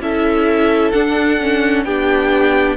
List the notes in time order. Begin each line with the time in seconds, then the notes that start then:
0.00 C#4 E4 A4 E5
0.92 D4 F#5
1.41 C#4
1.84 B3 D4 G4 G5